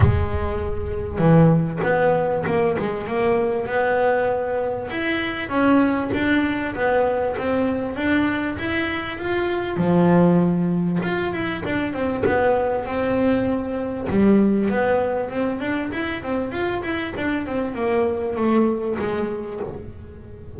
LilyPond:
\new Staff \with { instrumentName = "double bass" } { \time 4/4 \tempo 4 = 98 gis2 e4 b4 | ais8 gis8 ais4 b2 | e'4 cis'4 d'4 b4 | c'4 d'4 e'4 f'4 |
f2 f'8 e'8 d'8 c'8 | b4 c'2 g4 | b4 c'8 d'8 e'8 c'8 f'8 e'8 | d'8 c'8 ais4 a4 gis4 | }